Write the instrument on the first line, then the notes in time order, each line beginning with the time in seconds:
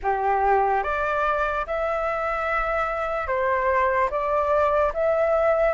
flute
0.02 G4
0.83 D5
1.67 E5
3.27 C5
4.10 D5
4.93 E5